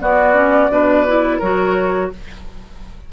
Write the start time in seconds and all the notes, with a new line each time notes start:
0.00 B3 F#4 D5
0.34 C#4
0.69 B2 D4 B4
1.07 E4
1.39 F#3 F#4 A#4 C#5